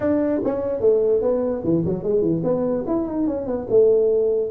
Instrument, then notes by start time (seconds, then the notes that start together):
tuba
0.00 D4
0.44 C#4
0.80 A3
1.21 B3
1.64 E3
1.85 F#3
2.03 G#3
2.21 E3
2.43 B3
2.86 E4
3.07 D#4
3.27 C#4
3.46 B3
3.69 A3